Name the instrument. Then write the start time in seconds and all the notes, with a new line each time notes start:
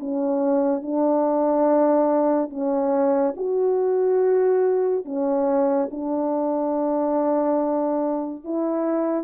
horn
0.00 C#4
0.82 D4
2.50 C#4
3.37 F#4
5.05 C#4
5.91 D4
8.44 E4